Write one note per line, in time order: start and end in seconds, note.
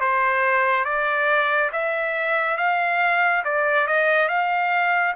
0.00 0.85 C5
0.85 1.70 D5
1.72 2.57 E5
2.57 3.43 F5
3.44 3.87 D5
3.87 4.28 D#5
4.28 5.14 F5